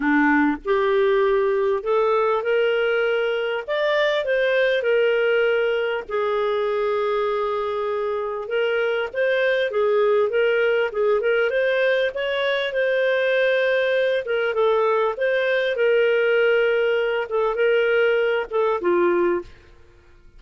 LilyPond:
\new Staff \with { instrumentName = "clarinet" } { \time 4/4 \tempo 4 = 99 d'4 g'2 a'4 | ais'2 d''4 c''4 | ais'2 gis'2~ | gis'2 ais'4 c''4 |
gis'4 ais'4 gis'8 ais'8 c''4 | cis''4 c''2~ c''8 ais'8 | a'4 c''4 ais'2~ | ais'8 a'8 ais'4. a'8 f'4 | }